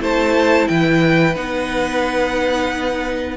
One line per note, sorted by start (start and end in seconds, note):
0.00 0.68 A3
0.00 1.35 E4
0.00 0.68 C5
0.00 0.68 A5
0.68 1.36 E3
0.68 3.37 B4
0.68 1.36 G5
1.36 3.37 B3
1.36 3.37 D#4
1.36 3.37 F#5